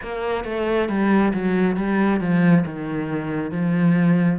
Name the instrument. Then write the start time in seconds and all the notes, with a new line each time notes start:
cello
0.02 A#3
0.44 A3
0.88 G3
1.33 F#3
1.76 G3
2.20 F3
2.65 D#3
3.51 F3